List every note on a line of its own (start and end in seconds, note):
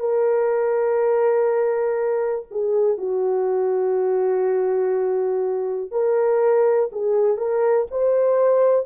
0.00 2.46 A#4
2.51 2.98 G#4
2.98 5.92 F#4
5.92 6.90 A#4
6.93 7.38 G#4
7.38 7.87 A#4
7.91 8.87 C5